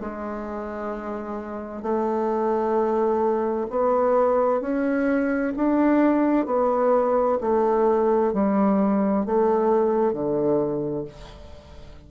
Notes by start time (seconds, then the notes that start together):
0.00 G#3
1.82 A3
3.70 B3
4.61 C#4
5.56 D4
6.46 B3
7.41 A3
8.33 G3
9.26 A3
10.12 D3